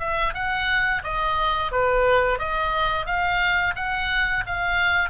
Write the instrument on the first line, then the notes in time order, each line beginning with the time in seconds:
oboe
0.00 E5
0.34 F#5
1.04 D#5
1.72 B4
2.39 D#5
3.06 F5
3.76 F#5
4.47 F5